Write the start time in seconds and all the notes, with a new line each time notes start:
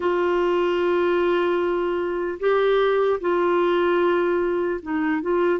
0.00 F4
2.39 G4
3.20 F4
4.82 D#4
5.21 F4